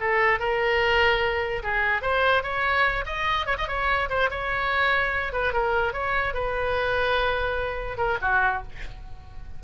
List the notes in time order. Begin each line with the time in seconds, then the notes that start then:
0.00 A4
0.39 A#4
1.63 G#4
2.02 C5
2.43 C#5
3.06 D#5
3.46 C#5
3.58 D#5
3.68 C#5
4.09 C5
4.30 C#5
5.33 B4
5.53 A#4
5.93 C#5
6.34 B4
7.97 A#4
8.21 F#4